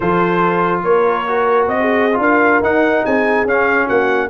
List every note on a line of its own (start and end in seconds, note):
0.00 0.83 F3
0.00 1.26 F4
0.00 0.84 A4
0.00 0.81 C5
0.83 1.67 A#3
0.83 1.78 A#4
0.83 1.67 C#5
1.27 2.11 F#4
1.67 2.18 C4
1.67 2.20 D#5
1.80 2.20 G#4
2.12 2.60 D4
2.12 2.63 F4
2.20 3.03 A#4
2.20 2.63 F5
2.60 3.02 D#4
2.60 3.47 D#4
2.60 3.05 F#5
3.03 3.44 C4
3.03 3.85 G#4
3.03 3.47 G#5
3.44 3.86 C#4
3.44 4.29 C#4
3.44 3.88 F5
3.85 4.29 A#3
3.85 4.27 F#4
3.85 4.29 F#5